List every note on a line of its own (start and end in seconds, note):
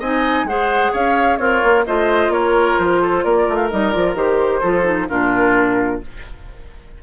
0.00 0.44 C4
0.00 0.48 D#4
0.00 0.46 D#5
0.00 0.47 G#5
0.44 0.91 G#3
0.44 1.40 G#4
0.44 0.93 C5
0.44 0.93 F#5
0.93 1.39 C#4
0.93 1.39 C#5
0.93 1.37 F5
1.37 1.62 C4
1.37 1.85 F4
1.37 1.86 A#4
1.37 1.83 C#5
1.64 1.87 A#3
1.87 2.29 A3
1.87 3.71 F4
1.87 2.33 C5
1.87 2.33 D#5
2.29 2.75 A#3
2.29 3.02 A#4
2.29 2.79 C#5
2.79 3.25 F3
2.79 3.25 C5
3.02 3.25 A4
3.25 3.48 A#3
3.25 4.61 A#4
3.25 3.57 D5
3.49 3.72 A3
3.57 3.68 F5
3.71 3.96 G3
3.71 3.93 D#4
3.71 3.91 D#5
3.91 4.15 F3
3.91 4.16 F4
3.91 4.14 D5
4.15 4.61 D#3
4.15 4.62 G4
4.15 5.09 C5
4.61 5.10 F3
4.61 4.84 F4
4.61 5.07 A4
4.84 5.07 D#4
5.09 6.03 A#2
5.09 6.02 D4
5.09 6.02 F4
5.09 6.02 A#4